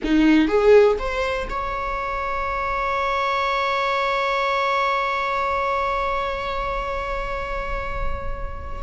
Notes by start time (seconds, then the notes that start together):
0.03 D#4
0.48 G#4
0.98 C5
1.49 C#5